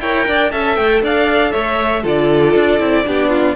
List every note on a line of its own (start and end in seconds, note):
0.00 0.26 E4
0.00 0.51 A#4
0.00 0.27 C#5
0.00 0.51 G5
0.27 0.52 D4
0.27 0.51 D5
0.51 0.77 C#4
0.51 2.03 A4
0.51 1.02 E5
0.51 0.76 A5
0.76 1.02 A3
0.76 1.01 G5
1.02 1.53 D4
1.02 1.52 D5
1.02 1.52 F5
1.52 2.04 A3
1.52 2.02 C#5
1.52 2.03 E5
2.02 2.54 D3
2.02 2.78 F4
2.02 3.04 A4
2.02 3.55 D5
2.55 2.79 D4
2.78 3.05 C4
2.78 3.04 E4
3.04 3.55 B3
3.04 3.55 D4
3.04 3.29 G4
3.29 3.54 F4